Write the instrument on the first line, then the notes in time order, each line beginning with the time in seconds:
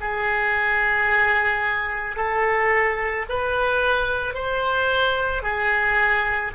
oboe
0.00 G#4
2.16 A4
3.29 B4
4.34 C5
5.42 G#4